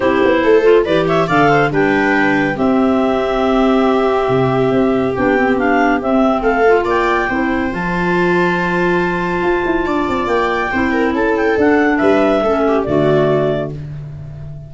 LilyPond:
<<
  \new Staff \with { instrumentName = "clarinet" } { \time 4/4 \tempo 4 = 140 c''2 d''8 e''8 f''4 | g''2 e''2~ | e''1 | g''4 f''4 e''4 f''4 |
g''2 a''2~ | a''1 | g''2 a''8 g''8 fis''4 | e''2 d''2 | }
  \new Staff \with { instrumentName = "viola" } { \time 4/4 g'4 a'4 b'8 cis''8 d''8 c''8 | b'2 g'2~ | g'1~ | g'2. a'4 |
d''4 c''2.~ | c''2. d''4~ | d''4 c''8 ais'8 a'2 | b'4 a'8 g'8 fis'2 | }
  \new Staff \with { instrumentName = "clarinet" } { \time 4/4 e'4. f'8 g'4 a'4 | d'2 c'2~ | c'1 | d'8 c'8 d'4 c'4. f'8~ |
f'4 e'4 f'2~ | f'1~ | f'4 e'2 d'4~ | d'4 cis'4 a2 | }
  \new Staff \with { instrumentName = "tuba" } { \time 4/4 c'8 b8 a4 e4 d4 | g2 c'2~ | c'2 c4 c'4 | b2 c'4 a4 |
ais4 c'4 f2~ | f2 f'8 e'8 d'8 c'8 | ais4 c'4 cis'4 d'4 | g4 a4 d2 | }
>>